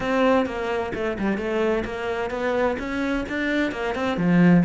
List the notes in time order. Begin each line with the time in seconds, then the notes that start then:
0.00 C4
0.45 A#3
0.94 A3
1.19 G3
1.37 A3
1.85 A#3
2.30 B3
2.78 C#4
3.28 D4
3.71 A#3
3.95 C4
4.17 F3